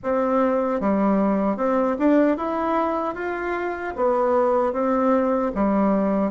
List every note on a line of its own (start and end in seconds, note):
0.03 0.80 C4
0.80 1.56 G3
1.56 1.96 C4
1.98 2.37 D4
2.37 3.14 E4
3.14 3.93 F4
3.95 4.72 B3
4.72 5.51 C4
5.54 6.31 G3